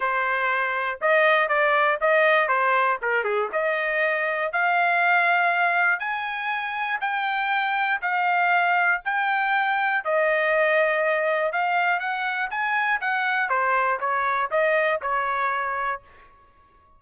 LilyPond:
\new Staff \with { instrumentName = "trumpet" } { \time 4/4 \tempo 4 = 120 c''2 dis''4 d''4 | dis''4 c''4 ais'8 gis'8 dis''4~ | dis''4 f''2. | gis''2 g''2 |
f''2 g''2 | dis''2. f''4 | fis''4 gis''4 fis''4 c''4 | cis''4 dis''4 cis''2 | }